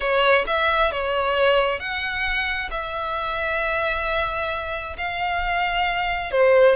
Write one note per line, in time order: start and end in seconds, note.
0.00 0.45 C#5
0.47 0.91 E5
0.91 1.79 C#5
1.79 2.69 F#5
2.70 4.96 E5
4.97 6.31 F5
6.31 6.75 C5